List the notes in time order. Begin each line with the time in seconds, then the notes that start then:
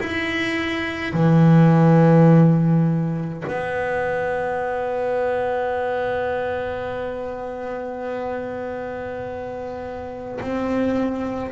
0.00 E4
1.13 E3
3.48 B3
10.41 C4